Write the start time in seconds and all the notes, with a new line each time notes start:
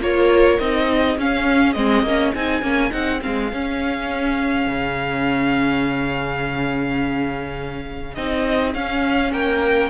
0.00 A#3 F4 A#4 C#5
0.59 C4 D#4 D#5
0.87 G#4
1.17 C#4 F5
1.73 G#3 C4 D#5
2.02 A#3 C#4
2.34 C4 D#4 G#5
2.62 A#3 C#4
2.90 C4 D#4 F#5
3.21 G#3 C4 F5
3.52 C#4
4.67 C#3
8.14 C4 D#4 D#5
8.74 C#4 F5
9.31 A#3 A#4 G5